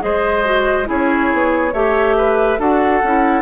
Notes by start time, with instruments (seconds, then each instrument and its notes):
0.00 bassoon G#3, clarinet G#4, oboe C5, flute D#5
0.44 clarinet F#4
0.85 bassoon C#4, clarinet E4, oboe G#4, flute C#5
1.33 bassoon B3
1.73 bassoon A3, clarinet G4, oboe C#5, flute E5
2.17 oboe B4
2.58 bassoon D4, clarinet F#4, oboe A4, flute F#5
3.03 bassoon C#4, clarinet E4